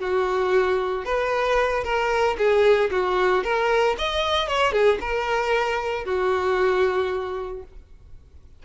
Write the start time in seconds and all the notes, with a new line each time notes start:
0.00 F#4
1.05 B4
1.84 A#4
2.38 G#4
2.91 F#4
3.44 A#4
3.98 D#5
4.48 C#5
4.72 G#4
5.01 A#4
6.05 F#4